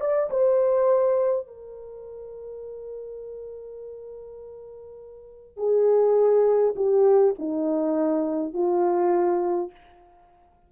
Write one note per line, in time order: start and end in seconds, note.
0.00 0.29 D5
0.30 1.47 C5
1.47 5.57 A#4
5.57 6.74 G#4
6.76 7.35 G4
7.39 8.53 D#4
8.53 9.71 F4